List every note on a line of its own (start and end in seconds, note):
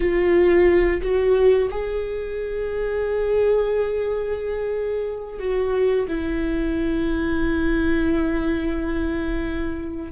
0.00 1.01 F4
1.01 1.69 F#4
1.70 5.39 G#4
5.39 6.06 F#4
6.08 10.11 E4